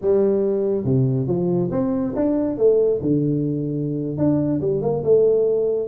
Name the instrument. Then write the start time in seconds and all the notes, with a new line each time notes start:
tuba
0.01 G3
0.84 C3
1.27 F3
1.71 C4
2.15 D4
2.57 A3
3.01 D3
4.17 D4
4.61 G3
4.81 A#3
5.04 A3